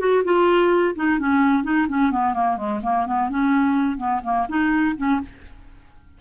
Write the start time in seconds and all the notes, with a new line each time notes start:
0.00 F#4
0.25 F4
0.96 D#4
1.19 C#4
1.64 D#4
1.89 C#4
2.12 B3
2.35 A#3
2.57 G#3
2.83 A#3
3.07 B3
3.30 C#4
3.98 B3
4.24 A#3
4.49 D#4
4.98 C#4